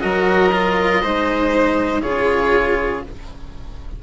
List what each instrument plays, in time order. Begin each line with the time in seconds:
0.00 bassoon F#3, cello F#4, violin A#4, oboe D#5
0.52 cello F4
1.01 bassoon G#3, cello D#4, violin C5
2.02 bassoon C#3, cello F4, violin G#4, oboe C#5